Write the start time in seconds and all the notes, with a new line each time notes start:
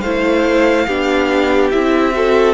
0.00 A3 E4 C5 F5
0.86 B3 D4 G4
1.71 C4 E4 E5
2.12 F#4 A4